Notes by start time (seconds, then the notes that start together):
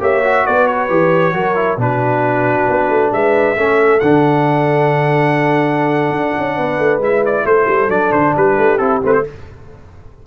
0.00 A#3 G4 C#5 E5
0.24 F#4
0.46 B3 B4 D5
0.67 C#5
0.89 E3 G4
1.33 F#3 F#4 A#4
1.55 E4
1.77 B2 D4 F#4 B4
2.69 B3
2.89 A3
3.12 G#3 B4 E5
3.56 A3 C#4 A4
4.00 D3 D4 F#5
6.11 D4
6.38 C#4
6.56 B3 B4
6.79 A3
6.98 G#3 E4 E5
7.25 D5
7.45 A3 A4 C5
7.68 G3
7.89 F#3 D4 D5
8.12 D3 C5
8.35 G3 G4 B4
8.58 A3
8.78 C4 E4 A4
9.02 A3 C4 B4
9.13 C5